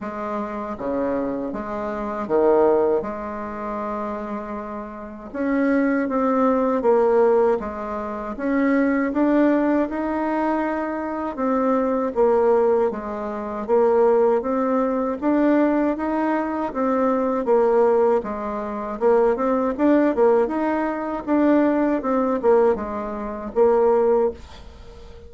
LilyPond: \new Staff \with { instrumentName = "bassoon" } { \time 4/4 \tempo 4 = 79 gis4 cis4 gis4 dis4 | gis2. cis'4 | c'4 ais4 gis4 cis'4 | d'4 dis'2 c'4 |
ais4 gis4 ais4 c'4 | d'4 dis'4 c'4 ais4 | gis4 ais8 c'8 d'8 ais8 dis'4 | d'4 c'8 ais8 gis4 ais4 | }